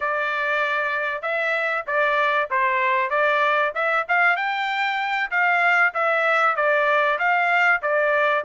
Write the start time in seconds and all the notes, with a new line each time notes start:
0.00 D5
1.22 E5
1.86 D5
2.50 C5
3.10 D5
3.74 E5
4.08 F5
4.36 G5
5.31 F5
5.94 E5
6.56 D5
7.18 F5
7.82 D5